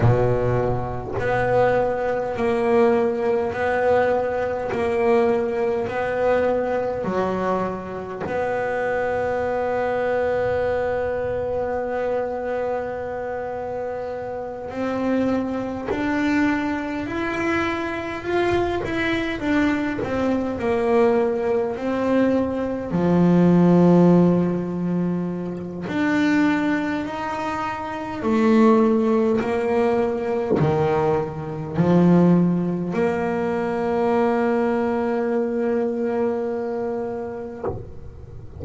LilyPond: \new Staff \with { instrumentName = "double bass" } { \time 4/4 \tempo 4 = 51 b,4 b4 ais4 b4 | ais4 b4 fis4 b4~ | b1~ | b8 c'4 d'4 e'4 f'8 |
e'8 d'8 c'8 ais4 c'4 f8~ | f2 d'4 dis'4 | a4 ais4 dis4 f4 | ais1 | }